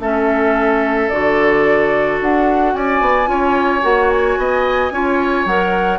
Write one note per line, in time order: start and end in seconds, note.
0.00 1.09 A3
0.00 1.11 C#4
0.00 2.75 A4
0.00 1.09 E5
1.09 2.21 D3
1.09 3.26 F#4
1.09 2.19 D5
2.21 2.74 D4
2.21 2.75 F#5
2.74 3.01 C#4
2.74 3.30 D5
2.74 3.84 G#5
3.01 3.28 B3
3.26 3.82 C#4
3.26 3.81 F4
3.26 4.39 C#5
3.82 4.38 A#3
3.82 4.91 F#4
3.82 4.11 F#5
4.11 5.47 G#5
4.38 4.91 B3
4.38 4.93 D#5
4.91 5.46 C#4
4.91 5.48 F4
4.91 5.99 C#5
5.46 5.99 F#3
5.46 5.99 A#4
5.46 5.99 F#5